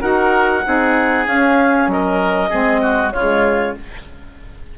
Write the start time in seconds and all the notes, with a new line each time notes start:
0.00 D#4 F#4 A#4 F#5
0.64 C4 D#4 G#4
1.26 C#4 F5
1.87 F#3 A#4 D#5
2.49 G#3 C4 G#4
2.82 F#4
3.12 C#3 G#3 F4 C#5